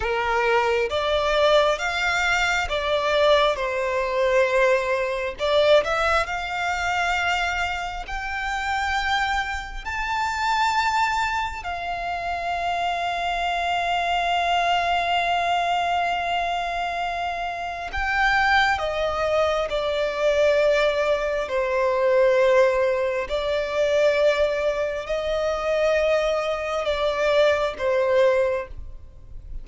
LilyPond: \new Staff \with { instrumentName = "violin" } { \time 4/4 \tempo 4 = 67 ais'4 d''4 f''4 d''4 | c''2 d''8 e''8 f''4~ | f''4 g''2 a''4~ | a''4 f''2.~ |
f''1 | g''4 dis''4 d''2 | c''2 d''2 | dis''2 d''4 c''4 | }